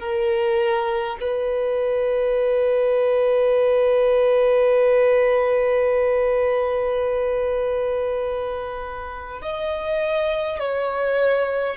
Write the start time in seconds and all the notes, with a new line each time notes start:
0.00 A#4
1.21 B4
9.42 D#5
10.60 C#5